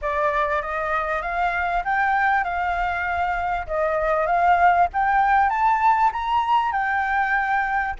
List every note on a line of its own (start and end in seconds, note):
0.01 0.62 D5
0.62 1.21 D#5
1.21 1.83 F5
1.84 2.44 G5
2.44 3.66 F5
3.67 4.26 D#5
4.26 4.87 F5
4.93 5.49 G5
5.49 6.11 A5
6.12 6.72 A#5
6.72 7.94 G5